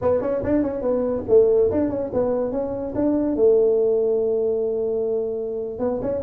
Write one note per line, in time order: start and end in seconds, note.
0.01 0.21 B3
0.21 0.42 C#4
0.43 0.62 D4
0.62 0.81 C#4
0.81 1.23 B3
1.28 1.70 A3
1.71 1.89 D4
1.89 2.10 C#4
2.13 2.51 B3
2.51 2.94 C#4
2.95 3.36 D4
3.36 5.79 A3
5.79 6.00 B3
6.01 6.22 C#4